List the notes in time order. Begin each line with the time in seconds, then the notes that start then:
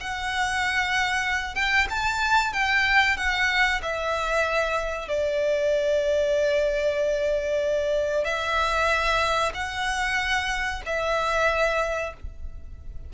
0.00 F#5
1.55 G5
1.90 A5
2.53 G5
3.17 F#5
3.82 E5
5.08 D5
8.25 E5
9.54 F#5
10.85 E5